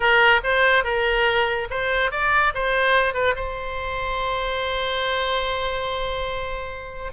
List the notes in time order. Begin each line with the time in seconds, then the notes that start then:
0.00 A#4
0.43 C5
0.84 A#4
1.70 C5
2.11 D5
2.54 C5
3.14 B4
3.35 C5